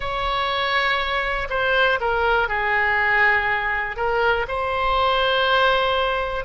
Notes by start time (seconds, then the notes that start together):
0.00 C#5
1.49 C5
2.00 A#4
2.48 G#4
3.96 A#4
4.47 C5